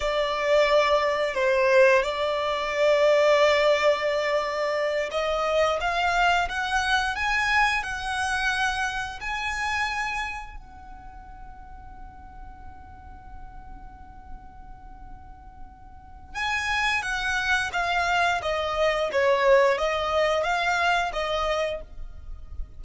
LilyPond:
\new Staff \with { instrumentName = "violin" } { \time 4/4 \tempo 4 = 88 d''2 c''4 d''4~ | d''2.~ d''8 dis''8~ | dis''8 f''4 fis''4 gis''4 fis''8~ | fis''4. gis''2 fis''8~ |
fis''1~ | fis''1 | gis''4 fis''4 f''4 dis''4 | cis''4 dis''4 f''4 dis''4 | }